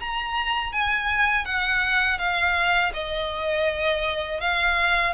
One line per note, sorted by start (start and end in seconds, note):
0.00 0.73 A#5
0.73 1.46 G#5
1.46 2.19 F#5
2.19 2.93 F5
2.94 4.41 D#5
4.41 5.14 F5